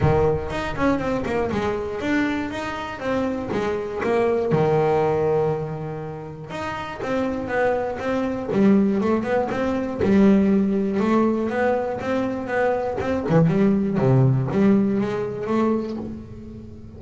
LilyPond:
\new Staff \with { instrumentName = "double bass" } { \time 4/4 \tempo 4 = 120 dis4 dis'8 cis'8 c'8 ais8 gis4 | d'4 dis'4 c'4 gis4 | ais4 dis2.~ | dis4 dis'4 c'4 b4 |
c'4 g4 a8 b8 c'4 | g2 a4 b4 | c'4 b4 c'8 e8 g4 | c4 g4 gis4 a4 | }